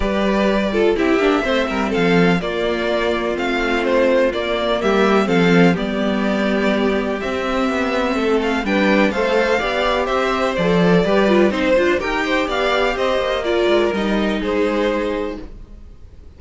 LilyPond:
<<
  \new Staff \with { instrumentName = "violin" } { \time 4/4 \tempo 4 = 125 d''2 e''2 | f''4 d''2 f''4 | c''4 d''4 e''4 f''4 | d''2. e''4~ |
e''4. f''8 g''4 f''4~ | f''4 e''4 d''2 | c''4 g''4 f''4 dis''4 | d''4 dis''4 c''2 | }
  \new Staff \with { instrumentName = "violin" } { \time 4/4 b'4. a'8 g'4 c''8 ais'8 | a'4 f'2.~ | f'2 g'4 a'4 | g'1~ |
g'4 a'4 b'4 c''4 | d''4 c''2 b'4 | c''4 ais'8 c''8 d''4 c''4 | ais'2 gis'2 | }
  \new Staff \with { instrumentName = "viola" } { \time 4/4 g'4. f'8 e'8 d'8 c'4~ | c'4 ais2 c'4~ | c'4 ais2 c'4 | b2. c'4~ |
c'2 d'4 a'4 | g'2 a'4 g'8 f'8 | dis'8 f'8 g'2. | f'4 dis'2. | }
  \new Staff \with { instrumentName = "cello" } { \time 4/4 g2 c'8 ais8 a8 g8 | f4 ais2 a4~ | a4 ais4 g4 f4 | g2. c'4 |
b4 a4 g4 a4 | b4 c'4 f4 g4 | c'8 d'8 dis'4 b4 c'8 ais8~ | ais8 gis8 g4 gis2 | }
>>